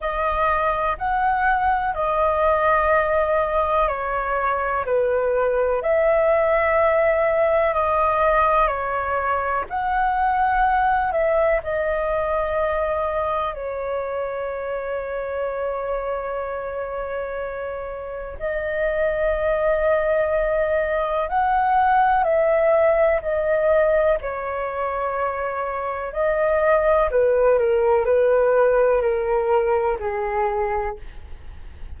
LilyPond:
\new Staff \with { instrumentName = "flute" } { \time 4/4 \tempo 4 = 62 dis''4 fis''4 dis''2 | cis''4 b'4 e''2 | dis''4 cis''4 fis''4. e''8 | dis''2 cis''2~ |
cis''2. dis''4~ | dis''2 fis''4 e''4 | dis''4 cis''2 dis''4 | b'8 ais'8 b'4 ais'4 gis'4 | }